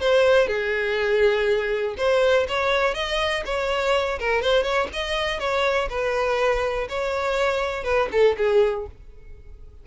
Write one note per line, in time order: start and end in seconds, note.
0.00 0.47 C5
0.47 1.95 G#4
1.97 2.47 C5
2.48 2.94 C#5
2.94 3.43 D#5
3.45 4.19 C#5
4.19 4.42 A#4
4.42 4.63 C5
4.63 4.87 C#5
4.93 5.39 D#5
5.39 5.89 C#5
5.89 6.88 B4
6.89 7.84 C#5
7.84 8.08 B4
8.11 8.36 A4
8.37 8.87 G#4